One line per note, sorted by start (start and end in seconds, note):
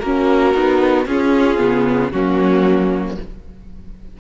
0.00 0.55 A#3
0.00 0.55 C#4
0.00 1.07 F#4
0.00 1.05 A#4
0.55 1.06 B3
0.55 1.07 D#4
1.06 1.59 C#4
1.06 1.58 C#4
1.06 2.12 F4
1.06 2.12 G#4
1.58 2.12 C#3
1.58 2.11 B3
2.12 3.18 F#3
2.12 3.20 A#3
2.12 3.17 C#4
2.12 3.17 F#4